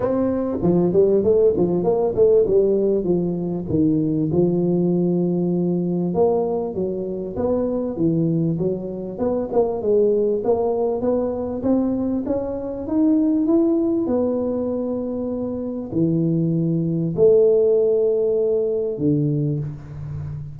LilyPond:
\new Staff \with { instrumentName = "tuba" } { \time 4/4 \tempo 4 = 98 c'4 f8 g8 a8 f8 ais8 a8 | g4 f4 dis4 f4~ | f2 ais4 fis4 | b4 e4 fis4 b8 ais8 |
gis4 ais4 b4 c'4 | cis'4 dis'4 e'4 b4~ | b2 e2 | a2. d4 | }